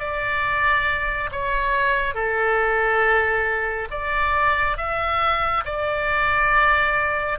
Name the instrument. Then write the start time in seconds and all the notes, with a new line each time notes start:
oboe
0.00 D5
1.32 C#5
2.15 A4
3.91 D5
4.77 E5
5.65 D5